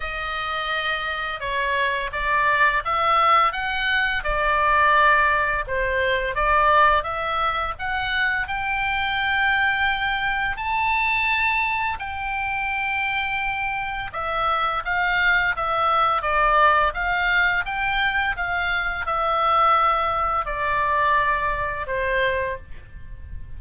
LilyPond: \new Staff \with { instrumentName = "oboe" } { \time 4/4 \tempo 4 = 85 dis''2 cis''4 d''4 | e''4 fis''4 d''2 | c''4 d''4 e''4 fis''4 | g''2. a''4~ |
a''4 g''2. | e''4 f''4 e''4 d''4 | f''4 g''4 f''4 e''4~ | e''4 d''2 c''4 | }